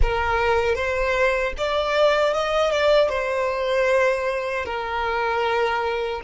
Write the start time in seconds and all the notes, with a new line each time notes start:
0.01 A#4
0.75 C5
1.57 D5
2.33 D#5
2.71 D5
3.09 C5
4.65 A#4